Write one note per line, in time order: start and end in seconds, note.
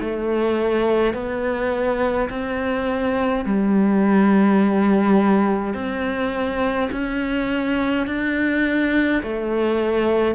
0.00 1.13 A3
1.13 2.29 B3
2.30 3.45 C4
3.45 5.74 G3
5.74 6.90 C4
6.92 8.07 C#4
8.07 9.22 D4
9.23 10.35 A3